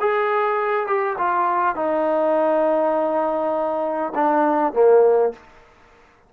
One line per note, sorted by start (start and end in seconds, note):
0.00 0.87 G#4
0.87 1.16 G4
1.18 1.76 F4
1.76 4.13 D#4
4.15 4.74 D4
4.74 5.33 A#3